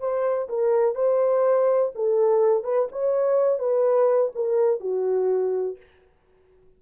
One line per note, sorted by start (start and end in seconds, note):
0.00 0.48 C5
0.49 0.95 A#4
0.95 1.92 C5
1.95 2.64 A4
2.64 2.88 B4
2.92 3.59 C#5
3.59 4.32 B4
4.35 4.81 A#4
4.81 5.77 F#4